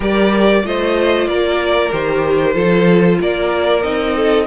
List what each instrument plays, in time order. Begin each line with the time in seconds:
0.00 cello G3, viola G4, violin A#4 D5
0.63 cello A3, viola F4, violin C5 D#5
1.27 cello A#3, violin A#4 D5
1.91 cello D#3, viola G4, violin C5
2.54 cello F3, viola F4, violin A4
3.21 cello A#3, violin A#4 D5
3.82 cello C4, viola D#4, violin D#5
4.16 violin A4